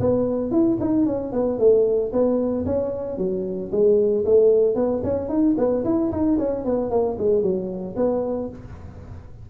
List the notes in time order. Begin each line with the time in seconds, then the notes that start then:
0.00 B3
0.51 E4
0.80 D#4
1.06 C#4
1.33 B3
1.59 A3
2.12 B3
2.65 C#4
3.18 F#3
3.71 G#3
4.25 A3
4.75 B3
5.03 C#4
5.29 D#4
5.57 B3
5.84 E4
6.11 D#4
6.38 C#4
6.65 B3
6.90 A#3
7.18 G#3
7.42 F#3
7.96 B3